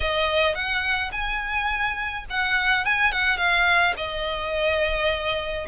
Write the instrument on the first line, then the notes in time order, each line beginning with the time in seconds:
violin
0.00 D#5
0.54 F#5
1.11 G#5
2.30 F#5
2.85 G#5
3.12 F#5
3.37 F5
3.96 D#5